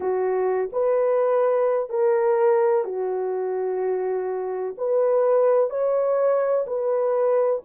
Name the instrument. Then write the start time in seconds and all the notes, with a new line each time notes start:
horn
0.00 F#4
0.72 B4
1.89 A#4
2.84 F#4
4.77 B4
5.70 C#5
6.66 B4